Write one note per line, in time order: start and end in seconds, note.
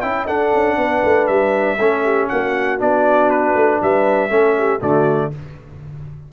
0.00 0.27 C#4
0.00 0.27 E4
0.00 0.26 E5
0.00 0.25 G5
0.26 1.78 D4
0.26 0.53 D4
0.26 0.76 A4
0.26 1.26 F#5
0.54 0.76 C#4
0.76 1.02 B3
0.76 1.78 B4
1.04 1.29 A3
1.26 1.78 G3
1.26 2.27 E5
1.78 2.29 A3
1.78 2.78 C#4
1.78 2.03 A4
2.03 2.29 G4
2.28 2.80 A#3
2.28 3.81 F#4
2.28 2.79 F#5
2.78 3.55 B3
2.78 4.29 D4
2.78 3.30 D5
3.30 3.80 B4
3.55 3.80 A3
3.81 4.30 G3
3.81 4.30 B4
3.81 4.81 E5
4.29 4.80 A3
4.29 4.80 C#4
4.29 4.56 A4
4.57 4.80 G4
4.80 5.32 D3
4.80 5.31 A3
4.80 5.30 F#4
4.80 5.32 D5